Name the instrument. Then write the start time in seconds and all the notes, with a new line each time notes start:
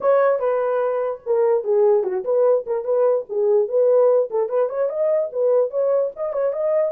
horn
0.01 C#5
0.39 B4
1.25 A#4
1.64 G#4
2.03 F#4
2.24 B4
2.66 A#4
2.84 B4
3.29 G#4
3.68 B4
4.30 A4
4.49 B4
4.69 C#5
4.89 D#5
5.32 B4
5.70 C#5
6.16 D#5
6.32 C#5
6.53 D#5